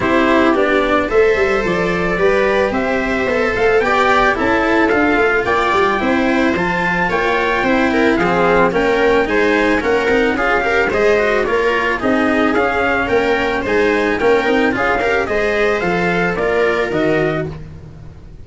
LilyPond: <<
  \new Staff \with { instrumentName = "trumpet" } { \time 4/4 \tempo 4 = 110 c''4 d''4 e''4 d''4~ | d''4 e''4. f''8 g''4 | a''4 f''4 g''2 | a''4 g''2 f''4 |
g''4 gis''4 fis''4 f''4 | dis''4 cis''4 dis''4 f''4 | g''4 gis''4 g''4 f''4 | dis''4 f''4 d''4 dis''4 | }
  \new Staff \with { instrumentName = "viola" } { \time 4/4 g'2 c''2 | b'4 c''2 d''4 | a'2 d''4 c''4~ | c''4 cis''4 c''8 ais'8 gis'4 |
ais'4 c''4 ais'4 gis'8 ais'8 | c''4 ais'4 gis'2 | ais'4 c''4 ais'4 gis'8 ais'8 | c''2 ais'2 | }
  \new Staff \with { instrumentName = "cello" } { \time 4/4 e'4 d'4 a'2 | g'2 a'4 g'4 | e'4 f'2 e'4 | f'2 e'4 c'4 |
cis'4 dis'4 cis'8 dis'8 f'8 g'8 | gis'8 fis'8 f'4 dis'4 cis'4~ | cis'4 dis'4 cis'8 dis'8 f'8 g'8 | gis'4 a'4 f'4 fis'4 | }
  \new Staff \with { instrumentName = "tuba" } { \time 4/4 c'4 b4 a8 g8 f4 | g4 c'4 b8 a8 b4 | cis'4 d'8 a8 ais8 g8 c'4 | f4 ais4 c'4 f4 |
ais4 gis4 ais8 c'8 cis'4 | gis4 ais4 c'4 cis'4 | ais4 gis4 ais8 c'8 cis'4 | gis4 f4 ais4 dis4 | }
>>